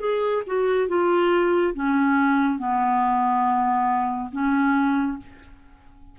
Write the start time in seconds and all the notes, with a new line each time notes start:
0.00 G#4
0.47 F#4
0.88 F4
1.75 C#4
2.59 B3
4.32 C#4